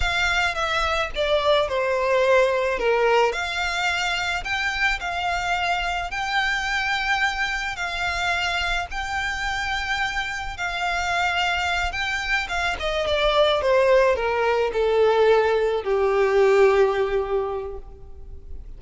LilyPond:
\new Staff \with { instrumentName = "violin" } { \time 4/4 \tempo 4 = 108 f''4 e''4 d''4 c''4~ | c''4 ais'4 f''2 | g''4 f''2 g''4~ | g''2 f''2 |
g''2. f''4~ | f''4. g''4 f''8 dis''8 d''8~ | d''8 c''4 ais'4 a'4.~ | a'8 g'2.~ g'8 | }